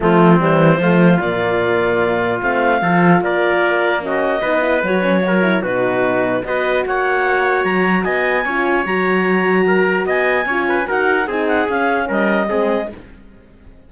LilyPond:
<<
  \new Staff \with { instrumentName = "clarinet" } { \time 4/4 \tempo 4 = 149 f'4 c''2 d''4~ | d''2 f''2 | d''2 dis''2 | cis''2 b'2 |
dis''4 fis''2 ais''4 | gis''2 ais''2~ | ais''4 gis''2 fis''4 | gis''8 fis''8 f''4 dis''2 | }
  \new Staff \with { instrumentName = "trumpet" } { \time 4/4 c'2 f'2~ | f'2. a'4 | ais'2 fis'4 b'4~ | b'4 ais'4 fis'2 |
b'4 cis''2. | dis''4 cis''2. | ais'4 dis''4 cis''8 b'8 ais'4 | gis'2 ais'4 gis'4 | }
  \new Staff \with { instrumentName = "horn" } { \time 4/4 a4 g4 a4 ais4~ | ais2 c'4 f'4~ | f'2 cis'4 dis'8 e'8 | fis'8 cis'8 fis'8 e'8 dis'2 |
fis'1~ | fis'4 f'4 fis'2~ | fis'2 f'4 fis'4 | dis'4 cis'2 c'4 | }
  \new Staff \with { instrumentName = "cello" } { \time 4/4 f4 e4 f4 ais,4~ | ais,2 a4 f4 | ais2. b4 | fis2 b,2 |
b4 ais2 fis4 | b4 cis'4 fis2~ | fis4 b4 cis'4 dis'4 | c'4 cis'4 g4 gis4 | }
>>